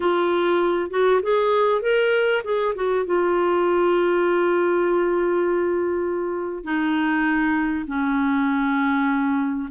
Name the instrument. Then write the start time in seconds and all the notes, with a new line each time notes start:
clarinet
0.00 F4
0.90 F#4
1.22 G#4
1.81 A#4
2.44 G#4
2.75 F#4
3.05 F4
6.64 D#4
7.87 C#4